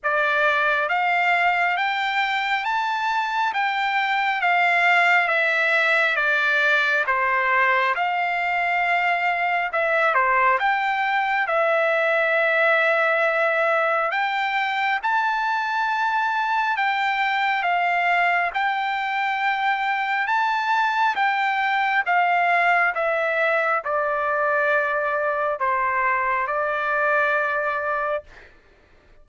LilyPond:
\new Staff \with { instrumentName = "trumpet" } { \time 4/4 \tempo 4 = 68 d''4 f''4 g''4 a''4 | g''4 f''4 e''4 d''4 | c''4 f''2 e''8 c''8 | g''4 e''2. |
g''4 a''2 g''4 | f''4 g''2 a''4 | g''4 f''4 e''4 d''4~ | d''4 c''4 d''2 | }